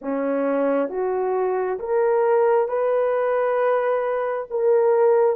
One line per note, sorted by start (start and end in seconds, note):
0.01 0.89 C#4
0.89 1.78 F#4
1.79 2.68 A#4
2.68 4.47 B4
4.50 5.35 A#4